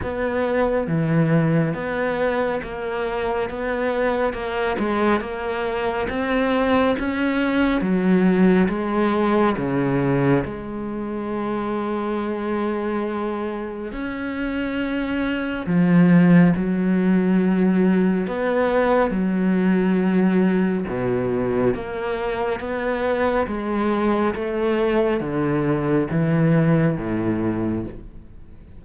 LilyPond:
\new Staff \with { instrumentName = "cello" } { \time 4/4 \tempo 4 = 69 b4 e4 b4 ais4 | b4 ais8 gis8 ais4 c'4 | cis'4 fis4 gis4 cis4 | gis1 |
cis'2 f4 fis4~ | fis4 b4 fis2 | b,4 ais4 b4 gis4 | a4 d4 e4 a,4 | }